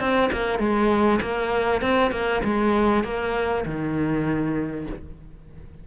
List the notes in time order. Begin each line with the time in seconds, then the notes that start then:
0.00 C4
0.32 A#3
0.59 G#3
1.21 A#3
1.82 C4
2.12 A#3
2.44 G#3
3.04 A#3
3.65 D#3